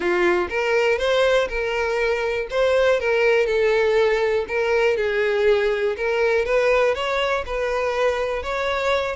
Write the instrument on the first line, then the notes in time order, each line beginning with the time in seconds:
violin
0.00 F4
0.49 A#4
0.98 C5
1.48 A#4
2.50 C5
3.00 A#4
3.46 A4
4.48 A#4
4.96 G#4
5.96 A#4
6.45 B4
6.94 C#5
7.45 B4
8.43 C#5